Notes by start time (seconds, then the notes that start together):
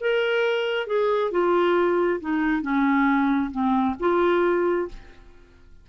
0.00 A#4
0.86 G#4
1.31 F4
2.20 D#4
2.62 C#4
3.51 C4
3.99 F4